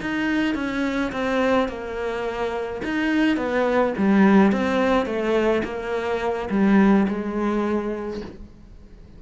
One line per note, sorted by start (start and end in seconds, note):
0.00 0.55 D#4
0.55 1.11 C#4
1.12 1.68 C4
1.68 2.81 A#3
2.84 3.37 D#4
3.37 3.93 B3
3.97 4.52 G3
4.52 5.06 C4
5.06 5.62 A3
5.64 6.49 A#3
6.50 7.06 G3
7.08 8.21 G#3